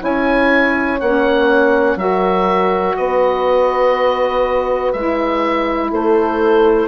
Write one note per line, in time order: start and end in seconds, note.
0.00 1.01 C#4
0.00 0.98 E4
0.00 1.98 C#5
0.00 1.01 G#5
1.01 1.96 A#3
1.01 1.99 C#4
1.01 1.98 F#5
1.96 2.95 F#3
1.96 4.94 F#4
1.96 2.99 A#4
1.96 2.97 E5
2.97 4.94 B3
2.97 5.92 B4
2.97 4.93 D#5
4.93 5.92 G#3
4.93 6.88 E4
4.93 5.91 E5
5.92 6.88 A3
5.92 6.88 A4
5.92 6.88 C5